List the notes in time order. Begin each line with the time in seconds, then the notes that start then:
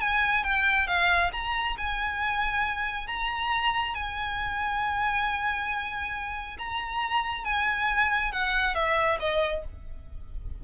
0.00 G#5
0.44 G5
0.87 F5
1.33 A#5
1.78 G#5
3.07 A#5
3.94 G#5
6.58 A#5
7.44 G#5
8.32 F#5
8.75 E5
9.20 D#5